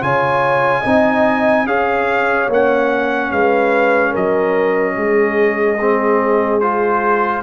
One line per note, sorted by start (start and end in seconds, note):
0.00 0.84 C#3
0.00 0.82 F4
0.00 0.81 C#5
0.00 1.67 G#5
0.81 1.65 C4
0.81 1.67 D#4
0.81 1.63 D#5
1.65 2.48 C#4
1.65 2.49 G#4
1.65 3.32 C#5
1.65 2.49 F5
2.48 3.31 A#3
2.48 5.78 C#4
2.48 3.32 F#5
3.31 4.14 G#3
3.31 4.11 B4
3.31 4.14 F5
4.11 4.97 F#3
4.11 4.93 A#4
4.11 6.60 D#5
4.96 7.43 G#3
4.96 7.42 G#4
5.81 6.61 C4
6.60 7.43 F4
6.60 7.42 C5